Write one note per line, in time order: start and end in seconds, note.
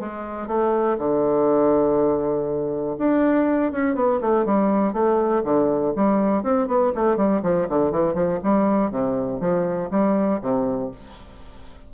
0.00 0.48 G#3
0.48 0.97 A3
0.98 2.97 D3
2.98 3.72 D4
3.72 3.95 C#4
3.95 4.20 B3
4.21 4.46 A3
4.46 4.93 G3
4.93 5.43 A3
5.44 5.93 D3
5.96 6.43 G3
6.43 6.68 C4
6.68 6.92 B3
6.95 7.17 A3
7.17 7.42 G3
7.43 7.67 F3
7.69 7.91 D3
7.91 8.14 E3
8.14 8.39 F3
8.44 8.91 G3
8.91 9.40 C3
9.40 9.90 F3
9.91 10.40 G3
10.41 10.91 C3